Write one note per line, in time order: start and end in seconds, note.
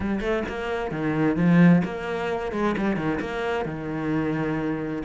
0.00 0.20 G3
0.20 0.43 A3
0.48 0.91 A#3
0.91 1.36 D#3
1.36 1.82 F3
1.84 2.52 A#3
2.52 2.75 G#3
2.77 2.96 G3
2.96 3.19 D#3
3.20 3.65 A#3
3.65 5.02 D#3